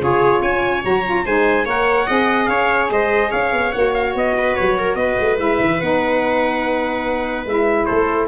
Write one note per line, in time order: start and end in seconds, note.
0.00 0.42 C#3
0.00 0.83 F4
0.00 0.42 G#4
0.00 0.43 C#5
0.42 0.83 C#4
0.42 1.25 C#5
0.42 0.84 G#5
0.84 1.26 F#3
0.84 1.05 F#4
0.84 1.26 A#5
1.05 1.26 F4
1.25 1.66 G#3
1.25 1.67 D#4
1.25 1.65 C5
1.25 1.67 G#5
1.65 2.07 A#3
1.65 2.07 A#4
1.65 2.07 C#5
1.65 2.46 F#5
2.07 2.48 C4
2.07 3.73 G#4
2.07 2.48 D#5
2.46 2.90 C#4
2.46 2.91 C#5
2.46 2.87 F5
2.90 3.31 G#3
2.90 3.30 C5
2.90 3.32 D#5
3.30 3.53 C#4
3.30 4.34 C#5
3.30 3.72 F5
3.53 3.73 B3
3.72 4.15 A#3
3.72 5.37 F#4
3.72 3.93 F#5
3.94 4.15 F5
4.15 4.56 B3
4.15 4.56 D#5
4.38 4.79 B4
4.56 4.95 F#3
4.56 4.95 C#5
4.79 4.99 A#4
4.95 5.16 B3
4.95 7.87 B4
4.95 5.37 D#5
5.20 5.39 A3
5.37 5.59 G#3
5.37 5.78 E4
5.37 5.81 E5
5.61 5.81 E3
5.81 7.46 B3
5.81 7.47 D#4
5.81 7.46 F#5
7.46 7.87 G#3
7.46 8.28 E4
7.46 7.86 E5
7.86 8.28 A3
7.86 8.28 A4
7.86 8.27 C5